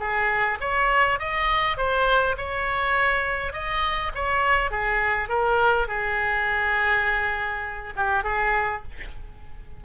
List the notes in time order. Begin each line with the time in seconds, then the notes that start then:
0.00 G#4
0.61 C#5
1.20 D#5
1.78 C5
2.37 C#5
3.53 D#5
4.15 C#5
4.71 G#4
5.29 A#4
5.88 G#4
7.97 G4
8.24 G#4